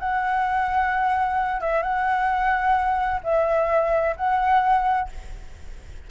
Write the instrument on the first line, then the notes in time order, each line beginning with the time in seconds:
flute
0.00 F#5
1.61 E5
1.83 F#5
3.24 E5
4.17 F#5